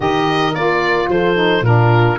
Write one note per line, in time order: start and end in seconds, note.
0.00 0.54 D#3
0.00 0.52 G4
0.00 1.09 A#4
0.00 0.54 D#5
0.54 1.08 A#3
0.54 1.35 F4
0.54 1.09 D5
1.08 1.61 F3
1.08 1.65 A4
1.08 1.64 C5
1.35 1.62 D#4
1.61 2.15 A#2
1.61 2.19 D4
1.61 2.19 F4
1.61 2.19 A#4